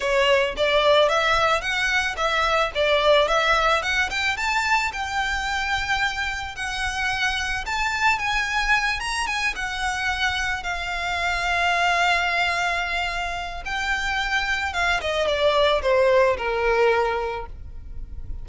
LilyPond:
\new Staff \with { instrumentName = "violin" } { \time 4/4 \tempo 4 = 110 cis''4 d''4 e''4 fis''4 | e''4 d''4 e''4 fis''8 g''8 | a''4 g''2. | fis''2 a''4 gis''4~ |
gis''8 ais''8 gis''8 fis''2 f''8~ | f''1~ | f''4 g''2 f''8 dis''8 | d''4 c''4 ais'2 | }